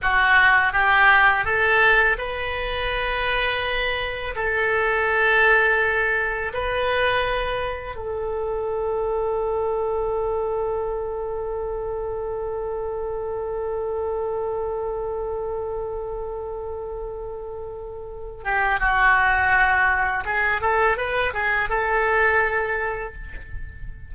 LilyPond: \new Staff \with { instrumentName = "oboe" } { \time 4/4 \tempo 4 = 83 fis'4 g'4 a'4 b'4~ | b'2 a'2~ | a'4 b'2 a'4~ | a'1~ |
a'1~ | a'1~ | a'4. g'8 fis'2 | gis'8 a'8 b'8 gis'8 a'2 | }